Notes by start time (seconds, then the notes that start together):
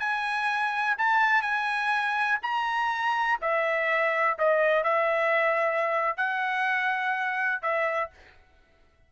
0.00 G#5
0.98 A5
1.42 G#5
2.43 A#5
3.41 E5
4.39 D#5
4.84 E5
6.17 F#5
7.62 E5